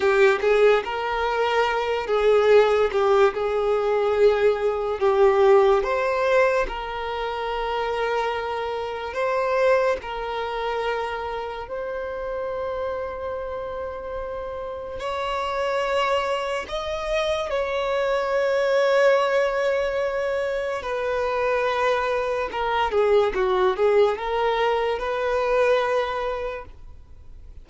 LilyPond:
\new Staff \with { instrumentName = "violin" } { \time 4/4 \tempo 4 = 72 g'8 gis'8 ais'4. gis'4 g'8 | gis'2 g'4 c''4 | ais'2. c''4 | ais'2 c''2~ |
c''2 cis''2 | dis''4 cis''2.~ | cis''4 b'2 ais'8 gis'8 | fis'8 gis'8 ais'4 b'2 | }